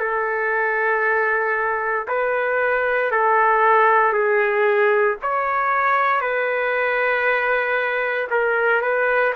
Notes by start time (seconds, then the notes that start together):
0.00 A4
2.08 B4
3.12 A4
4.13 G#4
5.22 C#5
6.21 B4
8.31 A#4
8.82 B4